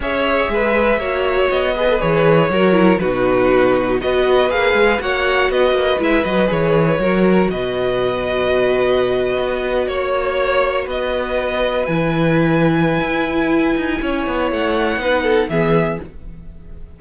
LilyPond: <<
  \new Staff \with { instrumentName = "violin" } { \time 4/4 \tempo 4 = 120 e''2. dis''4 | cis''2 b'2 | dis''4 f''4 fis''4 dis''4 | e''8 dis''8 cis''2 dis''4~ |
dis''2.~ dis''8. cis''16~ | cis''4.~ cis''16 dis''2 gis''16~ | gis''1~ | gis''4 fis''2 e''4 | }
  \new Staff \with { instrumentName = "violin" } { \time 4/4 cis''4 b'4 cis''4. b'8~ | b'4 ais'4 fis'2 | b'2 cis''4 b'4~ | b'2 ais'4 b'4~ |
b'2.~ b'8. cis''16~ | cis''4.~ cis''16 b'2~ b'16~ | b'1 | cis''2 b'8 a'8 gis'4 | }
  \new Staff \with { instrumentName = "viola" } { \time 4/4 gis'2 fis'4. gis'16 a'16 | gis'4 fis'8 e'8 dis'2 | fis'4 gis'4 fis'2 | e'8 fis'8 gis'4 fis'2~ |
fis'1~ | fis'2.~ fis'8. e'16~ | e'1~ | e'2 dis'4 b4 | }
  \new Staff \with { instrumentName = "cello" } { \time 4/4 cis'4 gis4 ais4 b4 | e4 fis4 b,2 | b4 ais8 gis8 ais4 b8 ais8 | gis8 fis8 e4 fis4 b,4~ |
b,2~ b,8. b4 ais16~ | ais4.~ ais16 b2 e16~ | e2 e'4. dis'8 | cis'8 b8 a4 b4 e4 | }
>>